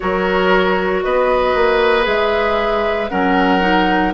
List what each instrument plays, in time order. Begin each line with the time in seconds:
0.00 bassoon F#3, clarinet F#4, oboe A#4, flute C#5
1.03 bassoon B3, oboe B4, flute D#5
1.55 bassoon A#3
2.02 bassoon G#3, clarinet G#4, flute E5
3.08 bassoon F#3, clarinet C#4, oboe A#4, flute F#5
3.60 clarinet D#4